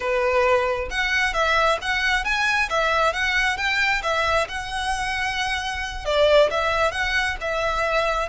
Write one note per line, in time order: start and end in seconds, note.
0.00 0.89 B4
0.90 1.33 F#5
1.33 1.78 E5
1.81 2.24 F#5
2.24 2.69 G#5
2.69 3.13 E5
3.13 3.57 F#5
3.57 4.02 G5
4.02 4.47 E5
4.48 6.05 F#5
6.05 6.49 D5
6.50 6.91 E5
6.91 7.36 F#5
7.40 8.28 E5